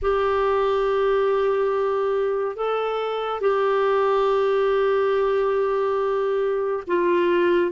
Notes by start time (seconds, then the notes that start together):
0.02 G4
2.56 A4
3.41 G4
6.87 F4